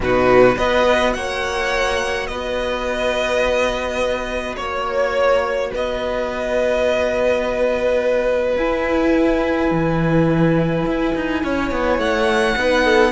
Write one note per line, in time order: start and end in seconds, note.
0.00 0.55 B2
0.00 0.57 D#4
0.00 0.55 F#4
0.00 0.57 B4
0.55 1.15 B3
0.55 8.57 F#4
0.55 1.12 B4
0.55 1.13 D#5
1.13 2.28 A#3
1.13 2.30 C#5
1.13 2.27 F#5
2.27 4.57 B3
2.27 4.57 B4
2.27 4.55 D#5
4.56 5.71 A#3
4.56 5.70 C#5
4.56 5.71 C#5
5.71 8.57 B3
5.71 11.42 B4
5.71 8.57 D#5
8.57 9.71 E4
8.57 12.56 E4
8.57 11.99 G#5
9.71 10.85 E3
10.85 11.14 E4
11.15 11.43 D#4
11.43 11.71 C#4
11.43 12.58 C#5
11.71 11.98 B3
11.98 12.55 A3
11.98 13.12 F#5
12.56 13.12 B3
12.56 13.12 D#4
12.56 12.84 B4
12.84 13.12 A4